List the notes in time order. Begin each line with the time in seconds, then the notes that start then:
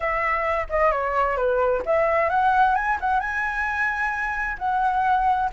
0.00 E5
0.69 D#5
0.91 C#5
1.36 B4
1.85 E5
2.29 F#5
2.75 G#5
3.00 F#5
3.20 G#5
4.58 F#5